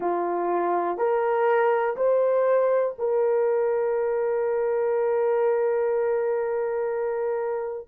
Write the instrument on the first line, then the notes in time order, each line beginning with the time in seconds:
horn
0.00 F4
0.97 A#4
1.96 C5
2.98 A#4